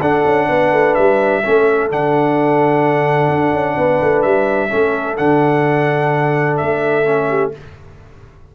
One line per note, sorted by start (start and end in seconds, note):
0.00 0.25 D4
0.00 1.43 D4
0.00 0.47 A4
0.00 0.94 F#5
0.25 0.49 C#4
0.49 0.72 B3
0.49 1.43 B4
0.72 0.96 A3
0.94 1.45 G3
0.94 1.88 E5
1.44 1.91 A3
1.44 1.90 C#4
1.44 3.78 A4
1.90 3.28 D3
1.90 4.69 D4
1.90 4.22 F#5
3.28 3.52 D4
3.53 3.76 C#4
3.77 4.01 B3
3.77 4.70 B4
4.01 4.25 A3
4.22 4.71 G3
4.22 5.16 E5
4.69 5.18 A3
4.69 5.16 C#4
4.69 7.28 A4
5.17 6.59 D3
5.17 7.05 D4
5.17 6.57 F#5
6.57 7.55 A3
6.57 7.51 E5
7.05 7.51 C#4
7.29 7.52 G4